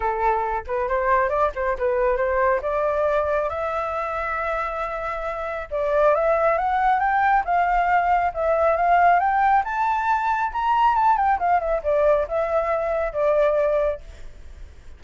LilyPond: \new Staff \with { instrumentName = "flute" } { \time 4/4 \tempo 4 = 137 a'4. b'8 c''4 d''8 c''8 | b'4 c''4 d''2 | e''1~ | e''4 d''4 e''4 fis''4 |
g''4 f''2 e''4 | f''4 g''4 a''2 | ais''4 a''8 g''8 f''8 e''8 d''4 | e''2 d''2 | }